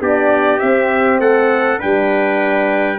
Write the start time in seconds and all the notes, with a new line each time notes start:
0.00 B3 D4 G4 D5
0.58 C4 E5
1.19 A3 A4 F#5
1.78 G3 D4 B4 G5